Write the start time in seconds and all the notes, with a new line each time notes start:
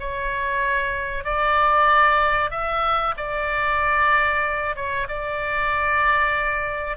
0.00 C#5
1.24 D5
2.51 E5
3.17 D5
4.76 C#5
5.09 D5